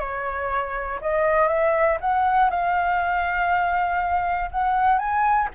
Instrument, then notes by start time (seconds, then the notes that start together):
flute
0.00 C#5
1.01 D#5
1.48 E5
2.01 F#5
2.50 F5
4.51 F#5
4.99 G#5